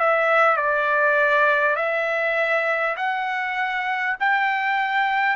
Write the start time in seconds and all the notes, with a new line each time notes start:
0.00 E5
0.57 D5
1.76 E5
2.97 F#5
4.20 G5